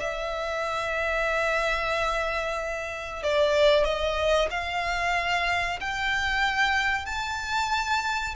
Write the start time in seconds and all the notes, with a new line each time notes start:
0.00 E5
3.23 D5
3.84 D#5
4.50 F5
5.80 G5
7.06 A5